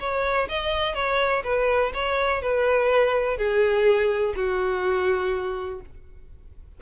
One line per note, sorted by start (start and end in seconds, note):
0.00 0.48 C#5
0.49 0.95 D#5
0.95 1.43 C#5
1.44 1.93 B4
1.94 2.42 C#5
2.42 3.38 B4
3.38 4.35 G#4
4.36 5.81 F#4